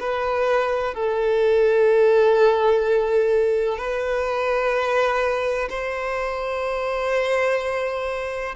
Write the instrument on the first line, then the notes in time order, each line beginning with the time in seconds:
violin
0.00 B4
0.94 A4
3.78 B4
5.69 C5